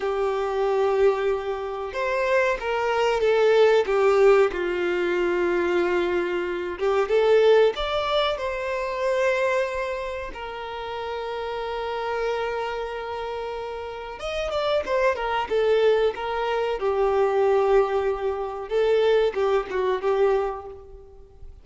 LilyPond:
\new Staff \with { instrumentName = "violin" } { \time 4/4 \tempo 4 = 93 g'2. c''4 | ais'4 a'4 g'4 f'4~ | f'2~ f'8 g'8 a'4 | d''4 c''2. |
ais'1~ | ais'2 dis''8 d''8 c''8 ais'8 | a'4 ais'4 g'2~ | g'4 a'4 g'8 fis'8 g'4 | }